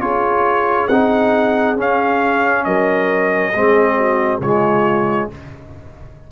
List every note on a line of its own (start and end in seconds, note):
0.00 0.88 C#4
0.00 0.89 F4
0.00 2.66 G#4
0.00 0.88 C#5
0.88 1.78 C4
0.88 1.77 D#4
0.88 1.76 F#5
1.77 3.53 C#4
1.77 2.66 C#4
1.77 2.64 F5
2.64 3.54 F#3
2.64 3.53 A#4
2.64 4.41 D#5
3.53 4.40 G#3
3.53 4.42 C4
3.53 3.97 G#4
3.97 4.41 F#4
4.40 5.28 C#3
4.40 5.32 G#3
4.40 5.30 F4
4.40 5.30 C#5